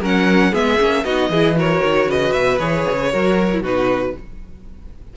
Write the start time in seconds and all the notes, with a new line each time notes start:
0.00 F#3 C#4 A#4 F#5
0.51 G#3 B3 G#4 E5
0.78 A#3 C#4
1.04 B3 D#4 F#4 D#5
1.29 E3 E4 G#4
1.55 F#4 A#4 C#5
1.83 D#3
2.06 C#3 B4 D#5
2.32 B2 E5
2.58 E3 G#4 C#5
2.90 C#3
3.11 F#3 F#4 A#4
3.53 E4
3.61 B2 D#4 F#4 B4